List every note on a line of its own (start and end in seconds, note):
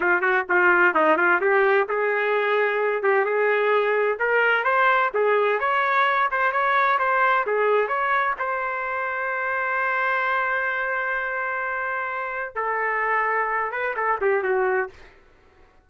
0.00 0.21 F4
0.21 0.44 F#4
0.49 0.94 F4
0.94 1.17 D#4
1.17 1.40 F4
1.40 1.87 G4
1.88 3.02 G#4
3.02 3.25 G4
3.25 4.18 G#4
4.19 4.63 A#4
4.63 5.10 C5
5.14 5.59 G#4
5.59 6.29 C#5
6.31 6.51 C5
6.51 6.98 C#5
6.98 7.45 C5
7.46 7.88 G#4
7.88 8.34 C#5
8.38 12.55 C5
12.55 13.71 A4
13.71 13.94 B4
13.96 14.19 A4
14.21 14.43 G4
14.43 14.89 F#4